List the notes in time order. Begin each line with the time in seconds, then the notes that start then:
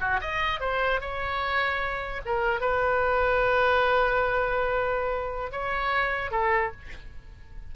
0.00 F#4
0.21 D#5
0.60 C5
1.00 C#5
2.25 A#4
2.60 B4
5.51 C#5
6.31 A4